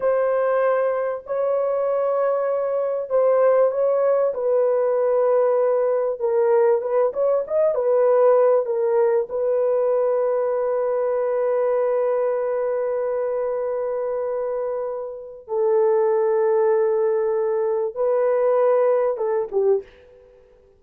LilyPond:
\new Staff \with { instrumentName = "horn" } { \time 4/4 \tempo 4 = 97 c''2 cis''2~ | cis''4 c''4 cis''4 b'4~ | b'2 ais'4 b'8 cis''8 | dis''8 b'4. ais'4 b'4~ |
b'1~ | b'1~ | b'4 a'2.~ | a'4 b'2 a'8 g'8 | }